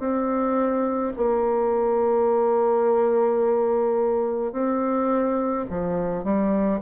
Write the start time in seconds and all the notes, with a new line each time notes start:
0.00 C4
1.17 A#3
4.52 C4
5.70 F3
6.24 G3